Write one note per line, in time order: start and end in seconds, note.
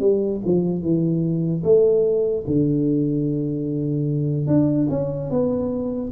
0.00 0.41 G3
0.45 0.81 F3
0.81 1.63 E3
1.63 2.44 A3
2.47 4.47 D3
4.47 4.87 D4
4.90 5.30 C#4
5.30 6.11 B3